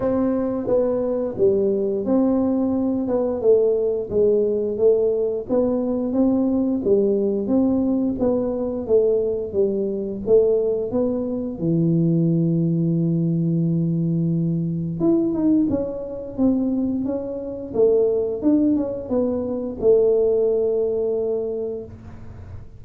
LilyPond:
\new Staff \with { instrumentName = "tuba" } { \time 4/4 \tempo 4 = 88 c'4 b4 g4 c'4~ | c'8 b8 a4 gis4 a4 | b4 c'4 g4 c'4 | b4 a4 g4 a4 |
b4 e2.~ | e2 e'8 dis'8 cis'4 | c'4 cis'4 a4 d'8 cis'8 | b4 a2. | }